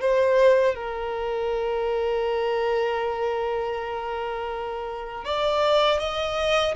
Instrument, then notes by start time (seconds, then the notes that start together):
violin
0.00 C5
0.75 A#4
5.24 D5
5.99 D#5